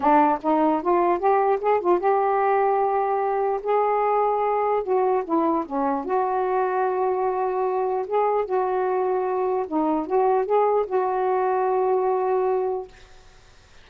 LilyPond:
\new Staff \with { instrumentName = "saxophone" } { \time 4/4 \tempo 4 = 149 d'4 dis'4 f'4 g'4 | gis'8 f'8 g'2.~ | g'4 gis'2. | fis'4 e'4 cis'4 fis'4~ |
fis'1 | gis'4 fis'2. | dis'4 fis'4 gis'4 fis'4~ | fis'1 | }